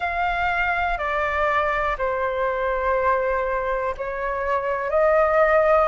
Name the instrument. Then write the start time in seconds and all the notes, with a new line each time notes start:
flute
0.00 F5
0.98 D5
1.98 C5
3.97 C#5
4.90 D#5